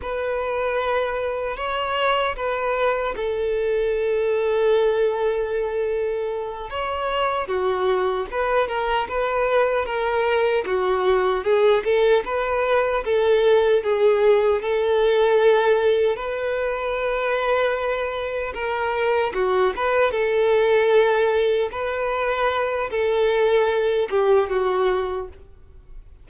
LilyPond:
\new Staff \with { instrumentName = "violin" } { \time 4/4 \tempo 4 = 76 b'2 cis''4 b'4 | a'1~ | a'8 cis''4 fis'4 b'8 ais'8 b'8~ | b'8 ais'4 fis'4 gis'8 a'8 b'8~ |
b'8 a'4 gis'4 a'4.~ | a'8 b'2. ais'8~ | ais'8 fis'8 b'8 a'2 b'8~ | b'4 a'4. g'8 fis'4 | }